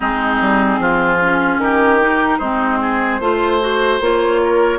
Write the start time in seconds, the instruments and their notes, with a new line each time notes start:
0.00 bassoon G#3, clarinet C4, oboe D#4, flute G#4
0.41 bassoon G3
0.78 bassoon F3, oboe F4
1.21 clarinet C#4
1.57 bassoon D#3, oboe G4, flute A#4
2.00 clarinet D#4
2.38 bassoon G#3, clarinet C4, oboe D#4, flute C5
2.81 oboe G#4
3.20 bassoon A3, clarinet F4, oboe C5
3.60 clarinet F#4
4.00 bassoon A#3, clarinet F4, flute C#5
4.43 oboe A#4